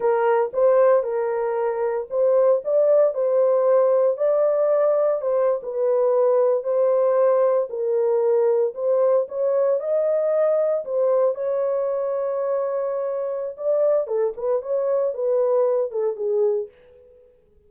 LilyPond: \new Staff \with { instrumentName = "horn" } { \time 4/4 \tempo 4 = 115 ais'4 c''4 ais'2 | c''4 d''4 c''2 | d''2 c''8. b'4~ b'16~ | b'8. c''2 ais'4~ ais'16~ |
ais'8. c''4 cis''4 dis''4~ dis''16~ | dis''8. c''4 cis''2~ cis''16~ | cis''2 d''4 a'8 b'8 | cis''4 b'4. a'8 gis'4 | }